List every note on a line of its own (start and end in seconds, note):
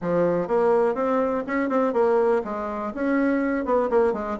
0.01 0.47 F3
0.47 0.94 A#3
0.94 1.43 C4
1.46 1.69 C#4
1.69 1.93 C4
1.93 2.41 A#3
2.44 2.93 G#3
2.94 3.65 C#4
3.65 3.89 B3
3.90 4.13 A#3
4.13 4.37 G#3